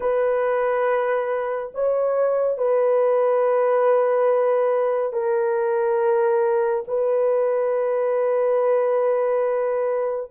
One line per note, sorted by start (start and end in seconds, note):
0.00 1.71 B4
1.74 2.57 C#5
2.57 5.12 B4
5.12 6.84 A#4
6.87 10.30 B4